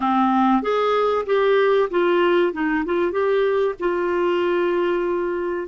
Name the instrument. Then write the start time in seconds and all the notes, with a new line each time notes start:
clarinet
0.00 C4
0.62 G#4
1.26 G4
1.90 F4
2.52 D#4
2.85 F4
3.11 G4
3.79 F4